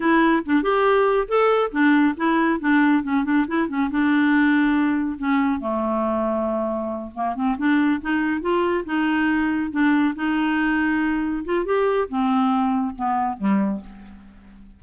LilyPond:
\new Staff \with { instrumentName = "clarinet" } { \time 4/4 \tempo 4 = 139 e'4 d'8 g'4. a'4 | d'4 e'4 d'4 cis'8 d'8 | e'8 cis'8 d'2. | cis'4 a2.~ |
a8 ais8 c'8 d'4 dis'4 f'8~ | f'8 dis'2 d'4 dis'8~ | dis'2~ dis'8 f'8 g'4 | c'2 b4 g4 | }